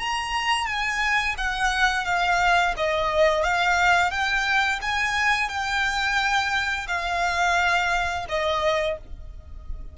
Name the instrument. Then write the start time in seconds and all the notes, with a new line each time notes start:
violin
0.00 A#5
0.67 G#5
1.38 F#5
2.05 F5
2.77 D#5
3.44 F5
4.11 G5
4.82 G#5
5.49 G5
6.88 F5
8.29 D#5